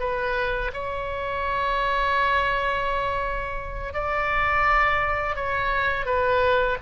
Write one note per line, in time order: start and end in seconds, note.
0.00 0.71 B4
0.73 3.94 C#5
3.94 5.36 D5
5.36 6.06 C#5
6.06 6.77 B4